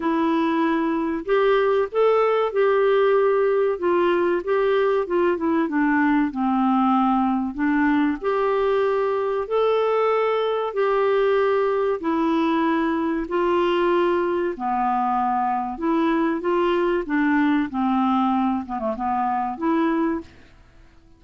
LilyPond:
\new Staff \with { instrumentName = "clarinet" } { \time 4/4 \tempo 4 = 95 e'2 g'4 a'4 | g'2 f'4 g'4 | f'8 e'8 d'4 c'2 | d'4 g'2 a'4~ |
a'4 g'2 e'4~ | e'4 f'2 b4~ | b4 e'4 f'4 d'4 | c'4. b16 a16 b4 e'4 | }